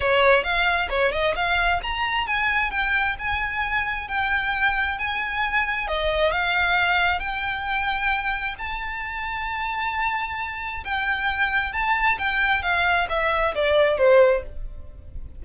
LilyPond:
\new Staff \with { instrumentName = "violin" } { \time 4/4 \tempo 4 = 133 cis''4 f''4 cis''8 dis''8 f''4 | ais''4 gis''4 g''4 gis''4~ | gis''4 g''2 gis''4~ | gis''4 dis''4 f''2 |
g''2. a''4~ | a''1 | g''2 a''4 g''4 | f''4 e''4 d''4 c''4 | }